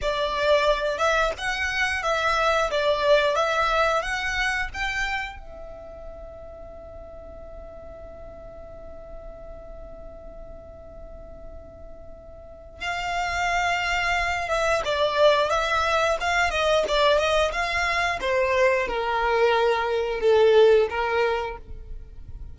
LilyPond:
\new Staff \with { instrumentName = "violin" } { \time 4/4 \tempo 4 = 89 d''4. e''8 fis''4 e''4 | d''4 e''4 fis''4 g''4 | e''1~ | e''1~ |
e''2. f''4~ | f''4. e''8 d''4 e''4 | f''8 dis''8 d''8 dis''8 f''4 c''4 | ais'2 a'4 ais'4 | }